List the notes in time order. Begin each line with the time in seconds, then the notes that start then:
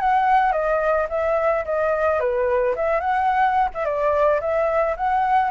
0.00 F#5
0.52 D#5
1.10 E5
1.65 D#5
2.20 B4
2.76 E5
3.01 F#5
3.75 E5
3.85 D5
4.41 E5
4.97 F#5